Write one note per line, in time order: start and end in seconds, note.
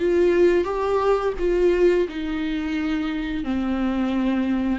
0.00 0.65 F4
0.65 1.34 G4
1.39 2.08 F4
2.09 3.45 D#4
3.45 4.80 C4